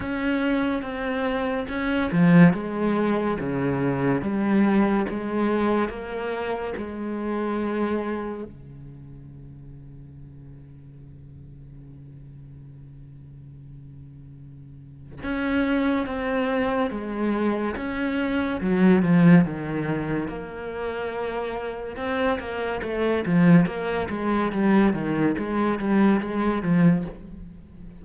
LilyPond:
\new Staff \with { instrumentName = "cello" } { \time 4/4 \tempo 4 = 71 cis'4 c'4 cis'8 f8 gis4 | cis4 g4 gis4 ais4 | gis2 cis2~ | cis1~ |
cis2 cis'4 c'4 | gis4 cis'4 fis8 f8 dis4 | ais2 c'8 ais8 a8 f8 | ais8 gis8 g8 dis8 gis8 g8 gis8 f8 | }